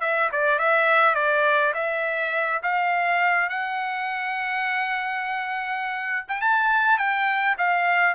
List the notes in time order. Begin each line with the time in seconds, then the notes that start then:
0.00 E5
0.32 D5
0.59 E5
1.14 D5
1.74 E5
2.62 F5
3.49 F#5
6.28 G5
6.41 A5
6.98 G5
7.58 F5